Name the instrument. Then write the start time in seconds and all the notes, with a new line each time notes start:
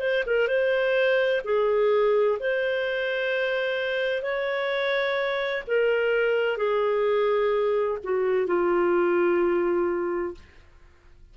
clarinet
0.00 C5
0.26 A#4
0.47 C5
1.44 G#4
2.39 C5
4.22 C#5
5.67 A#4
6.57 G#4
8.03 F#4
8.47 F4